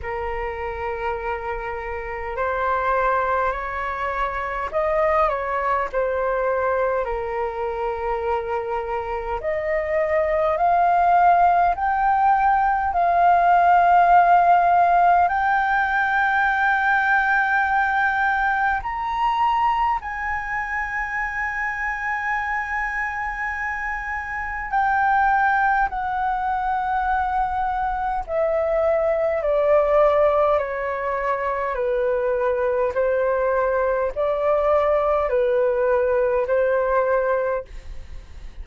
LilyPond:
\new Staff \with { instrumentName = "flute" } { \time 4/4 \tempo 4 = 51 ais'2 c''4 cis''4 | dis''8 cis''8 c''4 ais'2 | dis''4 f''4 g''4 f''4~ | f''4 g''2. |
ais''4 gis''2.~ | gis''4 g''4 fis''2 | e''4 d''4 cis''4 b'4 | c''4 d''4 b'4 c''4 | }